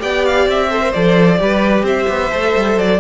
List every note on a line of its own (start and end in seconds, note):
0.00 0.47 B3
0.00 0.69 G4
0.00 0.70 D5
0.00 0.26 G5
0.26 0.49 F5
0.47 0.93 C4
0.47 0.93 E5
0.70 0.82 A4
0.70 1.39 C5
0.82 0.93 A#4
0.93 1.41 F3
0.93 1.39 A4
0.93 1.85 D5
1.39 1.83 G3
1.39 2.30 G4
1.39 1.85 B4
1.83 2.06 C4
1.83 3.00 C5
1.83 2.79 E5
2.09 2.32 B3
2.32 2.56 A3
2.32 3.00 A4
2.57 2.77 G3
2.77 3.00 F#3
2.77 3.00 D5